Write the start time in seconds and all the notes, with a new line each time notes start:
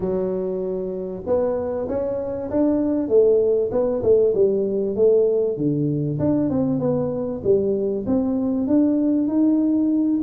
0.00 F#3
1.26 B3
1.88 C#4
2.50 D4
3.08 A3
3.71 B3
4.02 A3
4.34 G3
4.95 A3
5.57 D3
6.19 D4
6.49 C4
6.79 B3
7.43 G3
8.06 C4
8.67 D4
9.27 D#4